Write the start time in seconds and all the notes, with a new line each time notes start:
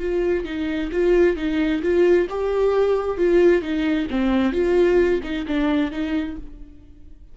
0.00 F4
0.45 D#4
0.92 F4
1.37 D#4
1.83 F4
2.30 G4
3.18 F4
3.62 D#4
4.11 C4
4.53 F4
5.24 D#4
5.47 D4
5.91 D#4